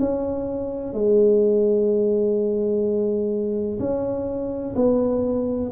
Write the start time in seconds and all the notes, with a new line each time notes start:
0.00 C#4
0.94 G#3
3.80 C#4
4.76 B3